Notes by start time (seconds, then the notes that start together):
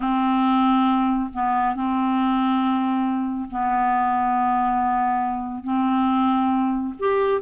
0.00 C4
1.33 B3
1.75 C4
3.50 B3
5.63 C4
6.99 G4